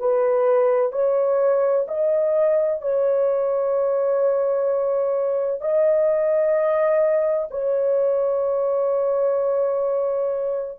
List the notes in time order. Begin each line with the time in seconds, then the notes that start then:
0.00 B4
0.93 C#5
1.88 D#5
2.82 C#5
5.61 D#5
7.51 C#5